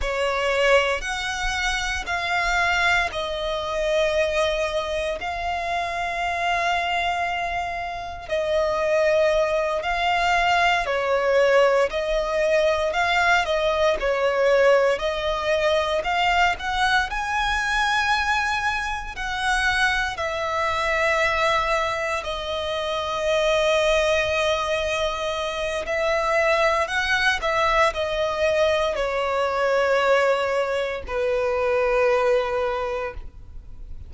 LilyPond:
\new Staff \with { instrumentName = "violin" } { \time 4/4 \tempo 4 = 58 cis''4 fis''4 f''4 dis''4~ | dis''4 f''2. | dis''4. f''4 cis''4 dis''8~ | dis''8 f''8 dis''8 cis''4 dis''4 f''8 |
fis''8 gis''2 fis''4 e''8~ | e''4. dis''2~ dis''8~ | dis''4 e''4 fis''8 e''8 dis''4 | cis''2 b'2 | }